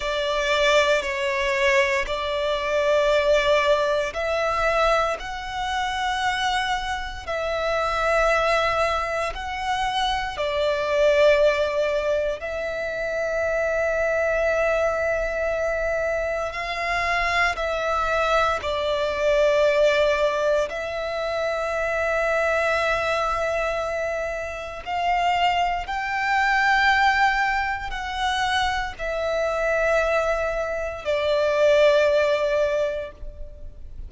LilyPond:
\new Staff \with { instrumentName = "violin" } { \time 4/4 \tempo 4 = 58 d''4 cis''4 d''2 | e''4 fis''2 e''4~ | e''4 fis''4 d''2 | e''1 |
f''4 e''4 d''2 | e''1 | f''4 g''2 fis''4 | e''2 d''2 | }